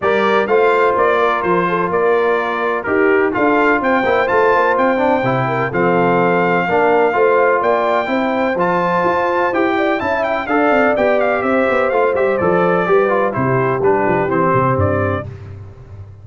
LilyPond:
<<
  \new Staff \with { instrumentName = "trumpet" } { \time 4/4 \tempo 4 = 126 d''4 f''4 d''4 c''4 | d''2 ais'4 f''4 | g''4 a''4 g''2 | f''1 |
g''2 a''2 | g''4 a''8 g''8 f''4 g''8 f''8 | e''4 f''8 e''8 d''2 | c''4 b'4 c''4 d''4 | }
  \new Staff \with { instrumentName = "horn" } { \time 4/4 ais'4 c''4. ais'4 a'8 | ais'2 g'4 a'4 | c''2.~ c''8 ais'8 | a'2 ais'4 c''4 |
d''4 c''2.~ | c''8 d''8 e''4 d''2 | c''2. b'4 | g'1 | }
  \new Staff \with { instrumentName = "trombone" } { \time 4/4 g'4 f'2.~ | f'2 g'4 f'4~ | f'8 e'8 f'4. d'8 e'4 | c'2 d'4 f'4~ |
f'4 e'4 f'2 | g'4 e'4 a'4 g'4~ | g'4 f'8 g'8 a'4 g'8 f'8 | e'4 d'4 c'2 | }
  \new Staff \with { instrumentName = "tuba" } { \time 4/4 g4 a4 ais4 f4 | ais2 dis'4 d'4 | c'8 ais8 a8 ais8 c'4 c4 | f2 ais4 a4 |
ais4 c'4 f4 f'4 | e'4 cis'4 d'8 c'8 b4 | c'8 b8 a8 g8 f4 g4 | c4 g8 f8 e8 c8 g,4 | }
>>